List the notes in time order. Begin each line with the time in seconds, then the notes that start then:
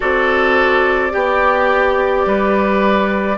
0.00 C4 F#4 A4 D5
1.10 B3 G4
2.26 G3 B4